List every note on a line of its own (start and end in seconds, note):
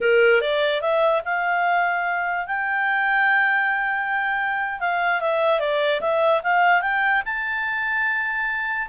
0.00 0.41 A#4
0.41 0.81 D5
0.81 1.22 E5
1.24 2.47 F5
2.47 4.80 G5
4.80 5.20 F5
5.20 5.59 E5
5.59 6.00 D5
6.01 6.41 E5
6.43 6.81 F5
6.81 7.22 G5
7.25 8.88 A5